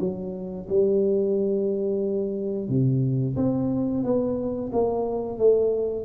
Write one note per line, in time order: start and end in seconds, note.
0.00 0.67 F#3
0.69 2.69 G3
2.69 3.36 C3
3.36 4.04 C4
4.04 4.71 B3
4.73 5.38 A#3
5.38 6.05 A3